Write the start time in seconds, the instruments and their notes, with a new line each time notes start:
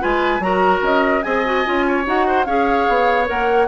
0.00 bassoon G#3, clarinet F4, oboe B4, flute G#5
0.39 bassoon F#3, clarinet F#4, oboe A#4, flute A#5
0.82 bassoon C#4, flute D#5
1.23 bassoon C4, clarinet G#4, oboe D#5, flute G#5
1.45 clarinet F#4
1.65 bassoon C#4, clarinet F4
1.88 oboe C#5
2.05 bassoon D#4, clarinet F#4, flute F#5
2.27 oboe C5
2.45 bassoon C#4, clarinet G#4, oboe C#5, flute F5
2.89 bassoon B3
3.26 bassoon A#3, clarinet A#4, flute F#5